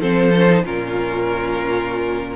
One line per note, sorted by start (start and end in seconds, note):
0.00 0.63 F3
0.00 0.32 C4
0.00 0.63 A4
0.00 0.64 C5
0.35 0.48 C#4
0.48 0.64 D#4
0.64 2.36 A#2
0.64 2.36 C#4
0.64 2.36 F4
0.64 2.36 A#4